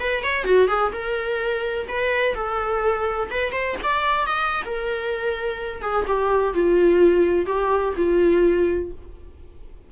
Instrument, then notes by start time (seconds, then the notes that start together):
viola
0.00 B4
0.24 C#5
0.44 F#4
0.68 G#4
0.93 A#4
1.89 B4
2.35 A4
3.31 B4
3.52 C5
3.83 D5
4.27 D#5
4.65 A#4
5.82 G#4
6.07 G4
6.54 F4
7.47 G4
7.97 F4